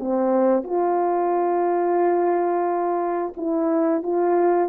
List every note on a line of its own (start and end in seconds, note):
0.00 0.64 C4
0.64 3.34 F4
3.37 4.03 E4
4.03 4.70 F4